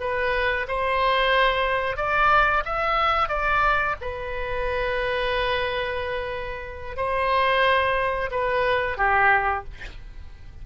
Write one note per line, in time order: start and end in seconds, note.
0.00 0.67 B4
0.68 1.97 C5
1.97 2.63 D5
2.65 3.29 E5
3.29 3.95 D5
4.01 6.97 B4
6.97 8.30 C5
8.31 8.98 B4
8.98 9.64 G4